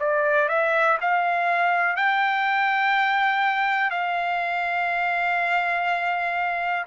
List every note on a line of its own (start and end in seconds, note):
0.00 0.49 D5
0.49 0.98 E5
1.01 1.97 F5
1.97 3.91 G5
3.91 6.86 F5